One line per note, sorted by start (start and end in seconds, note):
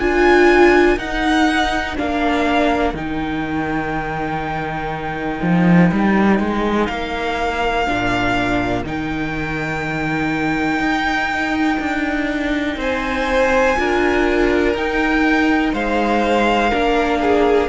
0.00 0.97 D4
0.00 0.99 F4
0.00 12.79 A#4
0.00 0.99 G#5
0.97 1.95 D#4
0.97 1.97 D#4
0.97 1.97 F#5
1.97 2.94 A#3
1.97 2.95 D4
1.97 2.97 F5
2.94 5.40 D#3
2.94 7.86 D#4
2.94 6.86 G5
5.42 5.91 F3
5.92 6.40 G3
6.40 6.89 G#3
6.86 7.87 A#3
6.86 8.83 F5
7.86 8.84 A#2
7.86 8.85 D4
8.84 10.80 D#3
8.84 13.77 D#4
8.84 12.81 G5
10.80 11.78 D#4
11.80 12.77 D4
12.77 13.75 C4
12.77 13.77 C5
12.77 14.76 G#5
13.77 14.75 D4
13.77 14.75 F4
13.77 15.73 A#4
14.75 15.73 D#4
14.75 16.72 D#4
14.75 15.74 G5
15.73 16.72 G#3
15.73 16.70 C5
15.73 17.69 F5
16.70 17.69 A#3
16.70 17.69 D4
16.70 17.19 A#4
17.22 17.69 G#4